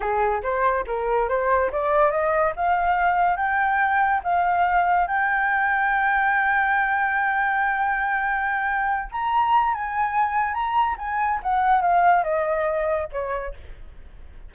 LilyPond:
\new Staff \with { instrumentName = "flute" } { \time 4/4 \tempo 4 = 142 gis'4 c''4 ais'4 c''4 | d''4 dis''4 f''2 | g''2 f''2 | g''1~ |
g''1~ | g''4. ais''4. gis''4~ | gis''4 ais''4 gis''4 fis''4 | f''4 dis''2 cis''4 | }